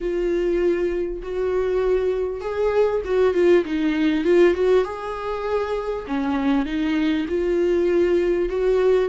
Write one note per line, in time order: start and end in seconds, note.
0.00 1.21 F4
1.22 2.40 F#4
2.40 3.01 G#4
3.05 3.34 F#4
3.34 3.64 F4
3.64 4.24 D#4
4.24 4.53 F4
4.53 4.84 F#4
4.84 6.05 G#4
6.07 6.65 C#4
6.65 7.26 D#4
7.28 8.49 F4
8.49 9.09 F#4